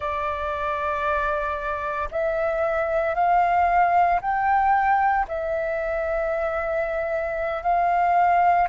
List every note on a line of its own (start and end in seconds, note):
0.00 2.09 D5
2.11 3.14 E5
3.14 4.20 F5
4.21 5.26 G5
5.27 7.63 E5
7.63 8.68 F5